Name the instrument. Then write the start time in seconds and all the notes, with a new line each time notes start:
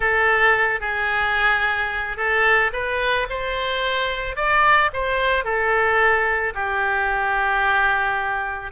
oboe
0.00 A4
0.80 G#4
2.16 A4
2.72 B4
3.29 C5
4.36 D5
4.93 C5
5.44 A4
6.54 G4